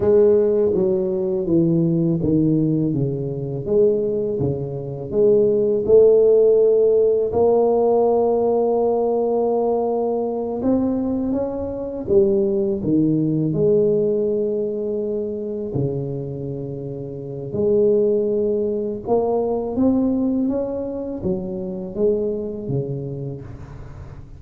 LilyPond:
\new Staff \with { instrumentName = "tuba" } { \time 4/4 \tempo 4 = 82 gis4 fis4 e4 dis4 | cis4 gis4 cis4 gis4 | a2 ais2~ | ais2~ ais8 c'4 cis'8~ |
cis'8 g4 dis4 gis4.~ | gis4. cis2~ cis8 | gis2 ais4 c'4 | cis'4 fis4 gis4 cis4 | }